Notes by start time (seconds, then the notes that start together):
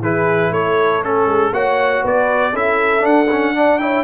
0.00 E3 E4 G#4 B4
0.50 A3 A4 C#5
1.03 C#4 A4
1.26 G#3
1.52 A#3 F#4 C#5 F#5
2.02 B3 B4 D5
2.53 C#4 E4 A4 E5
3.00 D4 F#5
3.31 C#4
3.55 D4 D5
3.79 E4 C#5 G5